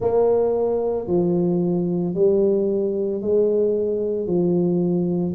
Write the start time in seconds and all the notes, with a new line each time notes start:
0.00 A#3
1.07 F3
2.14 G3
3.21 G#3
4.26 F3